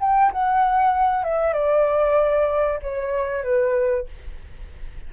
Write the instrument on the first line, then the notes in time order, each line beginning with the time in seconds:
flute
0.00 G5
0.32 F#5
1.24 E5
1.53 D5
2.82 C#5
3.44 B4